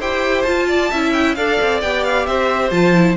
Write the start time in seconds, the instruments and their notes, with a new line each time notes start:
0.00 cello E4, viola G4, violin C5 G5
0.43 cello F4, viola F4, violin A5
0.68 violin D5
0.91 cello C#4, viola E4, violin E5
1.14 violin G5
1.36 cello D4, viola A4, violin D5 F5
1.62 cello C4
1.82 cello B3, viola G4, violin G5
2.04 violin F5
2.27 cello C4, violin C5 E5
2.71 cello F3, viola F4, violin A5
2.94 viola E4